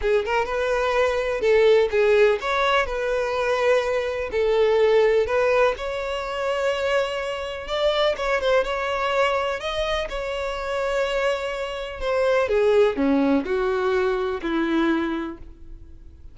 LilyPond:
\new Staff \with { instrumentName = "violin" } { \time 4/4 \tempo 4 = 125 gis'8 ais'8 b'2 a'4 | gis'4 cis''4 b'2~ | b'4 a'2 b'4 | cis''1 |
d''4 cis''8 c''8 cis''2 | dis''4 cis''2.~ | cis''4 c''4 gis'4 cis'4 | fis'2 e'2 | }